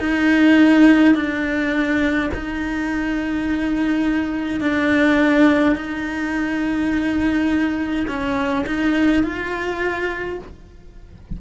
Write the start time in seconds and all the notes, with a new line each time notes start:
0.00 D#4
1.15 D4
2.34 D#4
4.61 D4
5.76 D#4
8.08 C#4
8.67 D#4
9.24 F4